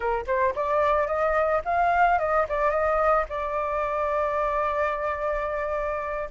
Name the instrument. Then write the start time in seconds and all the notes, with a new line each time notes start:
flute
0.00 A#4
0.27 C5
0.55 D5
1.07 D#5
1.64 F5
2.18 D#5
2.48 D5
2.70 D#5
3.29 D5